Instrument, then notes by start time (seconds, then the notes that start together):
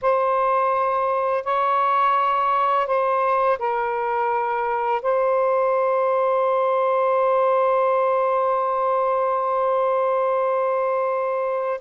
saxophone
0.01 C5
1.44 C#5
2.86 C5
3.58 A#4
5.02 C5